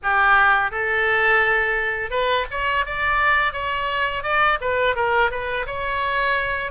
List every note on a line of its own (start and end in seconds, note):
0.02 0.71 G4
0.71 2.10 A4
2.10 2.45 B4
2.51 2.85 C#5
2.85 3.53 D5
3.53 4.23 C#5
4.23 4.58 D5
4.60 4.95 B4
4.95 5.30 A#4
5.30 5.66 B4
5.66 6.71 C#5